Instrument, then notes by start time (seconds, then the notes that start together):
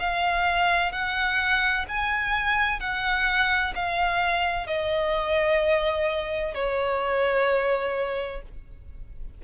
violin
0.00 F5
0.92 F#5
1.89 G#5
2.80 F#5
3.75 F5
4.67 D#5
6.55 C#5